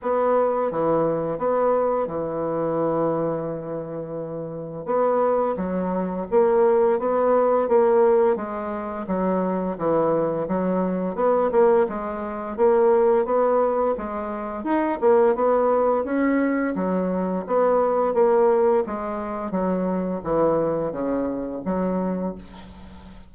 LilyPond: \new Staff \with { instrumentName = "bassoon" } { \time 4/4 \tempo 4 = 86 b4 e4 b4 e4~ | e2. b4 | fis4 ais4 b4 ais4 | gis4 fis4 e4 fis4 |
b8 ais8 gis4 ais4 b4 | gis4 dis'8 ais8 b4 cis'4 | fis4 b4 ais4 gis4 | fis4 e4 cis4 fis4 | }